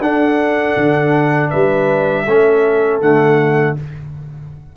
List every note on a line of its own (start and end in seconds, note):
0.00 0.75 D4
0.00 2.27 D4
0.00 1.50 A4
0.00 1.50 F#5
0.76 1.51 D3
1.50 2.26 G3
1.50 2.25 B4
1.50 3.00 E5
2.26 3.01 A3
2.26 3.01 C#4
2.26 3.76 A4
3.01 3.76 D3
3.01 3.76 A3
3.01 3.76 F#5